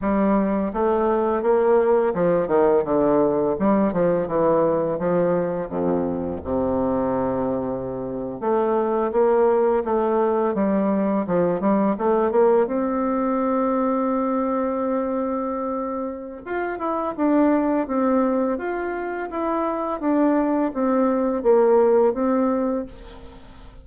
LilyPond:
\new Staff \with { instrumentName = "bassoon" } { \time 4/4 \tempo 4 = 84 g4 a4 ais4 f8 dis8 | d4 g8 f8 e4 f4 | f,4 c2~ c8. a16~ | a8. ais4 a4 g4 f16~ |
f16 g8 a8 ais8 c'2~ c'16~ | c'2. f'8 e'8 | d'4 c'4 f'4 e'4 | d'4 c'4 ais4 c'4 | }